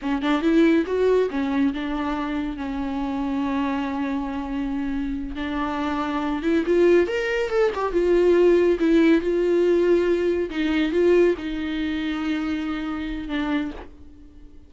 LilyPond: \new Staff \with { instrumentName = "viola" } { \time 4/4 \tempo 4 = 140 cis'8 d'8 e'4 fis'4 cis'4 | d'2 cis'2~ | cis'1~ | cis'8 d'2~ d'8 e'8 f'8~ |
f'8 ais'4 a'8 g'8 f'4.~ | f'8 e'4 f'2~ f'8~ | f'8 dis'4 f'4 dis'4.~ | dis'2. d'4 | }